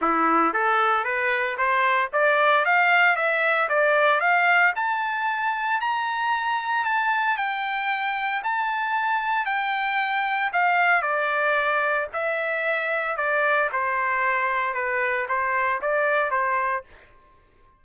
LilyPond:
\new Staff \with { instrumentName = "trumpet" } { \time 4/4 \tempo 4 = 114 e'4 a'4 b'4 c''4 | d''4 f''4 e''4 d''4 | f''4 a''2 ais''4~ | ais''4 a''4 g''2 |
a''2 g''2 | f''4 d''2 e''4~ | e''4 d''4 c''2 | b'4 c''4 d''4 c''4 | }